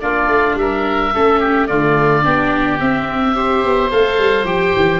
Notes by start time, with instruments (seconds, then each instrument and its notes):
0.00 tuba A#3, viola D4, oboe F4 D5
0.27 tuba A3
0.55 tuba G3, oboe A#4 E5
1.14 tuba A3, viola C#4, oboe A4
1.39 oboe G4
1.67 tuba D3, viola A3, oboe F4 D5
2.22 tuba B3, viola D4, oboe G4
2.79 viola C4, tuba C4, oboe E5
3.34 viola G4, oboe C5
3.64 tuba B3
3.91 tuba A3, viola A4, oboe F5
4.18 tuba G3
4.43 tuba F3, viola G4, oboe G5
4.75 tuba E3